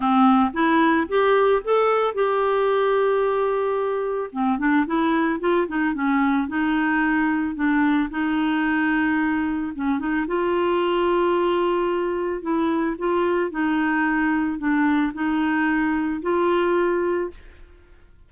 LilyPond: \new Staff \with { instrumentName = "clarinet" } { \time 4/4 \tempo 4 = 111 c'4 e'4 g'4 a'4 | g'1 | c'8 d'8 e'4 f'8 dis'8 cis'4 | dis'2 d'4 dis'4~ |
dis'2 cis'8 dis'8 f'4~ | f'2. e'4 | f'4 dis'2 d'4 | dis'2 f'2 | }